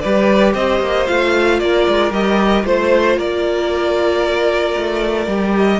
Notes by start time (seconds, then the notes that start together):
0.00 G3 G4 B4 D5
0.54 C4 C5 D#5
0.80 A#3
1.06 A3 F4 F5
1.59 A#3 A#4 D5
1.87 G#3
2.11 G3 G4 D#5
2.64 A3 F4 C5
3.17 A#3 A#4 D5
4.76 A3
5.27 G3 G4
5.57 D#5